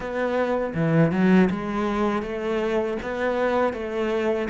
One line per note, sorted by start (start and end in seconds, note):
0.00 0.73 B3
0.74 1.11 E3
1.11 1.49 F#3
1.50 2.22 G#3
2.22 2.97 A3
3.02 3.73 B3
3.73 4.48 A3